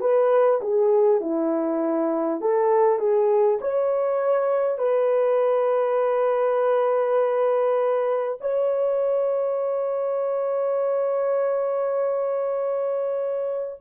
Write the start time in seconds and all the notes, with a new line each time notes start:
0.00 B4
0.61 G#4
1.21 E4
2.41 A4
2.98 G#4
3.61 C#5
4.78 B4
8.41 C#5